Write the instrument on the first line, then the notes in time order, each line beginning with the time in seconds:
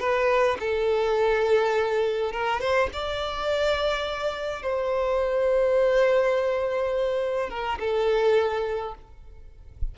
violin
0.00 B4
0.60 A4
2.32 A#4
2.61 C5
2.93 D5
4.63 C5
7.50 A#4
7.80 A4